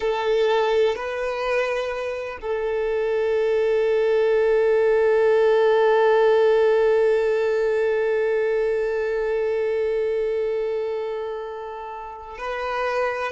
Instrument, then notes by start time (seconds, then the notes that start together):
violin
0.00 A4
0.95 B4
2.41 A4
12.38 B4